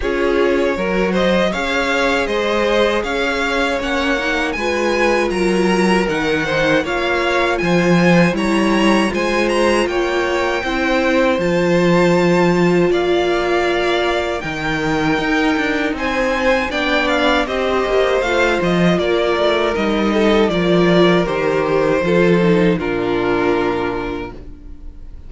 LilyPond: <<
  \new Staff \with { instrumentName = "violin" } { \time 4/4 \tempo 4 = 79 cis''4. dis''8 f''4 dis''4 | f''4 fis''4 gis''4 ais''4 | fis''4 f''4 gis''4 ais''4 | gis''8 ais''8 g''2 a''4~ |
a''4 f''2 g''4~ | g''4 gis''4 g''8 f''8 dis''4 | f''8 dis''8 d''4 dis''4 d''4 | c''2 ais'2 | }
  \new Staff \with { instrumentName = "violin" } { \time 4/4 gis'4 ais'8 c''8 cis''4 c''4 | cis''2 b'4 ais'4~ | ais'8 c''8 cis''4 c''4 cis''4 | c''4 cis''4 c''2~ |
c''4 d''2 ais'4~ | ais'4 c''4 d''4 c''4~ | c''4 ais'4. a'8 ais'4~ | ais'4 a'4 f'2 | }
  \new Staff \with { instrumentName = "viola" } { \time 4/4 f'4 fis'4 gis'2~ | gis'4 cis'8 dis'8 f'2 | dis'4 f'2 e'4 | f'2 e'4 f'4~ |
f'2. dis'4~ | dis'2 d'4 g'4 | f'2 dis'4 f'4 | g'4 f'8 dis'8 d'2 | }
  \new Staff \with { instrumentName = "cello" } { \time 4/4 cis'4 fis4 cis'4 gis4 | cis'4 ais4 gis4 fis4 | dis4 ais4 f4 g4 | gis4 ais4 c'4 f4~ |
f4 ais2 dis4 | dis'8 d'8 c'4 b4 c'8 ais8 | a8 f8 ais8 a8 g4 f4 | dis4 f4 ais,2 | }
>>